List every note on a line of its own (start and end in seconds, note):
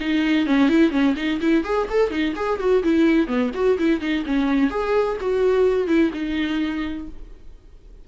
0.00 0.47 D#4
0.47 0.69 C#4
0.69 0.91 E4
0.91 1.15 C#4
1.16 1.40 D#4
1.41 1.64 E4
1.64 1.88 G#4
1.90 2.11 A4
2.11 2.34 D#4
2.36 2.59 G#4
2.60 2.83 F#4
2.83 3.27 E4
3.27 3.51 B3
3.54 3.78 F#4
3.79 4.00 E4
4.00 4.24 D#4
4.26 4.70 C#4
4.70 5.17 G#4
5.21 5.87 F#4
5.87 6.11 E4
6.13 7.08 D#4